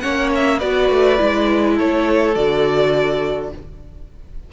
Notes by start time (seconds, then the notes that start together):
0.00 A#3 C#4 C#5 F#5
0.35 E5
0.58 B3 F#4 B4 D5
0.89 A3
1.17 G#3 E4
1.74 A3 A4 C#5
2.35 D3 F#4 D5